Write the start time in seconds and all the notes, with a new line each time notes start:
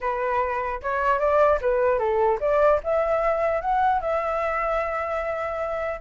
0.00 B4
0.82 C#5
1.19 D5
1.61 B4
1.99 A4
2.40 D5
2.83 E5
3.61 F#5
4.01 E5